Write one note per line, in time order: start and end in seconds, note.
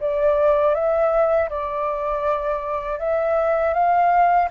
0.00 0.74 D5
0.74 1.49 E5
1.49 2.99 D5
2.99 3.74 E5
3.74 4.49 F5